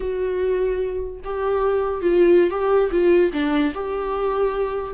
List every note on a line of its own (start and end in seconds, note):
0.00 1.19 F#4
1.24 2.01 G4
2.01 2.50 F4
2.50 2.90 G4
2.91 3.31 F4
3.33 3.73 D4
3.74 4.94 G4